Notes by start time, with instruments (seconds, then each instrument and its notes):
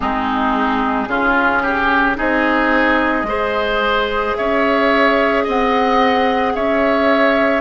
0.00 bassoon G#3, clarinet C4, oboe D#4, flute G#4
1.07 bassoon C#3, clarinet C#4, oboe F4
1.62 oboe G4
2.15 bassoon C4, clarinet D#4, oboe G#4, flute D#5
3.23 bassoon G#3, clarinet G#4, oboe C5
4.35 bassoon C#4, oboe C#5, flute E5
5.43 bassoon C4, oboe D#5, flute F#5
6.55 bassoon C#4, oboe C#5, flute E5